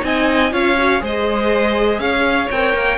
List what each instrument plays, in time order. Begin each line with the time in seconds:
0.00 cello C4, viola D#4, violin D#5 G#5
0.51 cello C#4, viola F4, violin C#5 F5
0.78 viola F#4
0.99 cello G#3, viola G#4, violin C5
1.05 violin D#5
1.98 cello C#4, violin C#5 F5
2.50 cello C4, viola A#4, violin G5
2.74 cello A#3